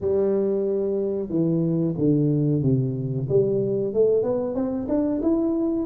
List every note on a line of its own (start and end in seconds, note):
0.01 1.29 G3
1.29 1.94 E3
1.97 2.62 D3
2.62 3.27 C3
3.28 3.93 G3
3.93 4.22 A3
4.22 4.54 B3
4.54 4.87 C4
4.88 5.21 D4
5.22 5.85 E4